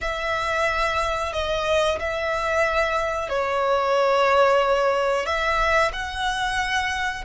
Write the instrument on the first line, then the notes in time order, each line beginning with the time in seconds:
violin
0.01 E5
1.32 D#5
1.99 E5
3.29 C#5
5.25 E5
5.93 F#5